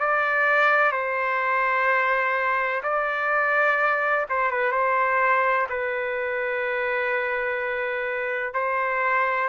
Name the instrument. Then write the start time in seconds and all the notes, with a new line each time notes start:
trumpet
0.00 D5
0.92 C5
2.84 D5
4.29 C5
4.51 B4
4.72 C5
5.70 B4
8.54 C5